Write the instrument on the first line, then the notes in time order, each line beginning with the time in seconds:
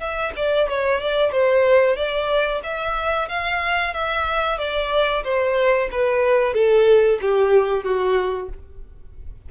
violin
0.00 E5
0.37 D5
0.69 C#5
1.01 D5
1.32 C5
1.97 D5
2.64 E5
3.29 F5
3.94 E5
4.59 D5
5.24 C5
5.92 B4
6.54 A4
7.22 G4
7.84 F#4